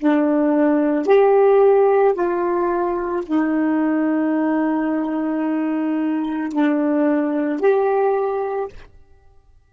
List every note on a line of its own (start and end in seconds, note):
0.00 1.07 D4
1.07 2.15 G4
2.15 3.24 F4
3.27 6.53 D#4
6.53 7.60 D4
7.60 8.69 G4